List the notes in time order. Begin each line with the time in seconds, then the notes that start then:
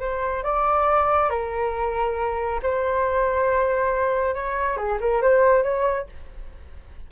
0.00 C5
0.43 D5
1.30 A#4
2.62 C5
4.35 C#5
4.77 G#4
5.00 A#4
5.22 C5
5.63 C#5